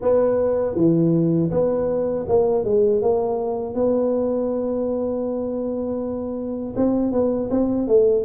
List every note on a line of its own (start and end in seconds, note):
0.01 0.75 B3
0.75 1.50 E3
1.50 2.25 B3
2.28 2.64 A#3
2.64 3.02 G#3
3.02 3.74 A#3
3.74 6.74 B3
6.76 7.12 C4
7.12 7.49 B3
7.50 7.87 C4
7.87 8.24 A3